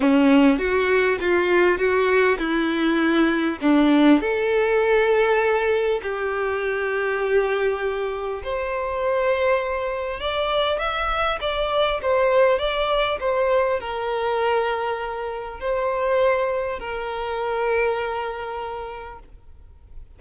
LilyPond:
\new Staff \with { instrumentName = "violin" } { \time 4/4 \tempo 4 = 100 cis'4 fis'4 f'4 fis'4 | e'2 d'4 a'4~ | a'2 g'2~ | g'2 c''2~ |
c''4 d''4 e''4 d''4 | c''4 d''4 c''4 ais'4~ | ais'2 c''2 | ais'1 | }